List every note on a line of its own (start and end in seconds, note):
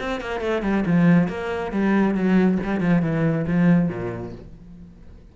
0.00 0.21 C4
0.21 0.41 A#3
0.41 0.63 A3
0.63 0.85 G3
0.87 1.28 F3
1.28 1.72 A#3
1.72 2.15 G3
2.15 2.59 F#3
2.64 2.81 G3
2.81 3.03 F3
3.03 3.46 E3
3.48 3.89 F3
3.89 4.33 A#2